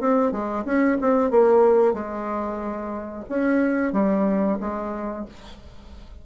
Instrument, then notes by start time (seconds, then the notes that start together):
bassoon
0.00 C4
0.31 G#3
0.65 C#4
1.01 C4
1.30 A#3
1.93 G#3
3.28 C#4
3.92 G3
4.60 G#3